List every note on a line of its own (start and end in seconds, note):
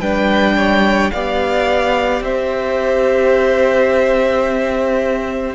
0.00 1.11 G3
0.00 1.13 D4
0.00 0.56 B4
0.00 1.11 G5
0.57 1.12 C#5
1.11 2.22 B3
1.11 5.55 G4
1.11 2.24 D5
1.11 2.22 F5
2.22 5.55 C4
2.22 5.55 C5
2.22 5.55 E5